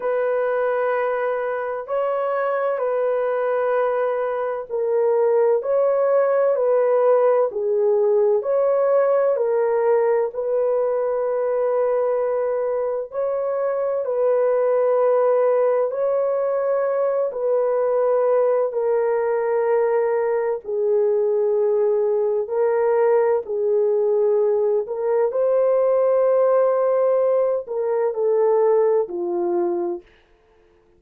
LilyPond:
\new Staff \with { instrumentName = "horn" } { \time 4/4 \tempo 4 = 64 b'2 cis''4 b'4~ | b'4 ais'4 cis''4 b'4 | gis'4 cis''4 ais'4 b'4~ | b'2 cis''4 b'4~ |
b'4 cis''4. b'4. | ais'2 gis'2 | ais'4 gis'4. ais'8 c''4~ | c''4. ais'8 a'4 f'4 | }